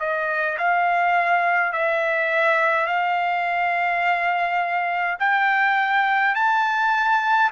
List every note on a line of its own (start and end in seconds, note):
0.00 0.58 D#5
0.59 1.73 F5
1.73 2.87 E5
2.87 5.18 F5
5.20 6.35 G5
6.35 7.51 A5